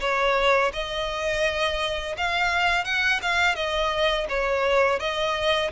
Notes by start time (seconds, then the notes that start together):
0.00 C#5
0.73 D#5
2.17 F5
2.84 F#5
3.22 F5
3.55 D#5
4.29 C#5
4.99 D#5